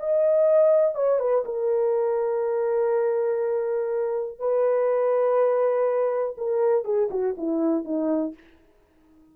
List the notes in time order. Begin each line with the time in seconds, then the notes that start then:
0.00 D#5
0.96 C#5
1.20 B4
1.46 A#4
4.39 B4
6.38 A#4
6.85 G#4
7.11 F#4
7.38 E4
7.85 D#4